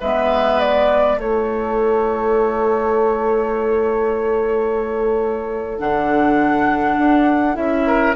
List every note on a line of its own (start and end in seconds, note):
0.00 1.17 G#3
0.00 1.20 B3
0.00 1.17 B4
0.00 0.59 E5
0.59 1.19 D5
1.17 5.77 A3
1.17 5.78 E4
1.17 7.86 A4
1.17 5.78 C#5
5.78 6.98 D3
5.78 7.53 D4
5.78 7.55 F#5
6.98 7.56 D4
7.53 8.16 C#4
7.53 8.13 E4
7.53 8.15 E5
7.86 8.16 A#4